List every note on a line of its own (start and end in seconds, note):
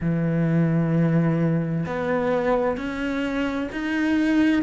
0.00 1.85 E3
1.86 2.77 B3
2.77 3.69 C#4
3.72 4.62 D#4